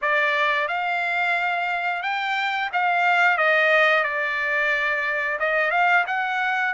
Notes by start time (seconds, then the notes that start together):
0.01 D5
0.68 F5
2.02 G5
2.72 F5
3.37 D#5
4.03 D5
5.39 D#5
5.70 F5
6.06 F#5